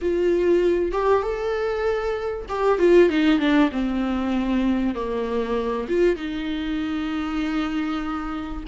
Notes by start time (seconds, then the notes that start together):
0.01 F4
0.92 G4
1.22 A4
2.49 G4
2.78 F4
3.09 D#4
3.39 D4
3.71 C4
4.95 A#3
5.88 F4
6.16 D#4